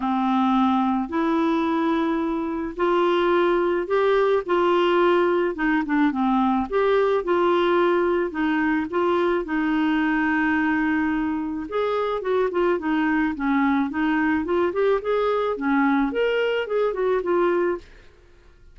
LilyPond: \new Staff \with { instrumentName = "clarinet" } { \time 4/4 \tempo 4 = 108 c'2 e'2~ | e'4 f'2 g'4 | f'2 dis'8 d'8 c'4 | g'4 f'2 dis'4 |
f'4 dis'2.~ | dis'4 gis'4 fis'8 f'8 dis'4 | cis'4 dis'4 f'8 g'8 gis'4 | cis'4 ais'4 gis'8 fis'8 f'4 | }